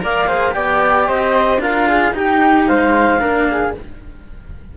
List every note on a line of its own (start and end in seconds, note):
0.00 0.56 A#3
0.00 0.27 A#4
0.00 0.28 D5
0.00 0.54 F5
0.28 0.52 G#4
0.28 0.54 C5
0.52 1.09 B3
0.52 1.58 G4
0.52 1.08 D5
0.52 1.07 G5
1.07 1.58 C4
1.07 1.61 C5
1.07 1.60 D#5
1.58 2.12 D4
1.58 2.12 F4
1.58 1.87 A#4
1.58 2.15 F5
1.87 2.14 G#4
2.12 3.18 D#4
2.12 2.69 D#4
2.12 2.69 G4
2.12 2.68 G5
2.68 3.21 G#3
2.68 3.20 C5
2.68 3.74 F5
3.20 3.74 A#3
3.20 3.73 D4
3.20 3.47 A#4
3.51 3.78 G#4